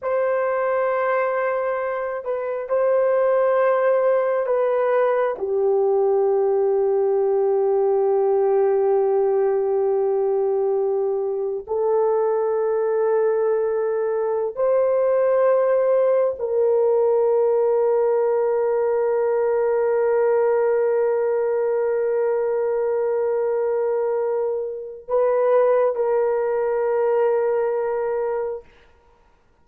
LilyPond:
\new Staff \with { instrumentName = "horn" } { \time 4/4 \tempo 4 = 67 c''2~ c''8 b'8 c''4~ | c''4 b'4 g'2~ | g'1~ | g'4 a'2.~ |
a'16 c''2 ais'4.~ ais'16~ | ais'1~ | ais'1 | b'4 ais'2. | }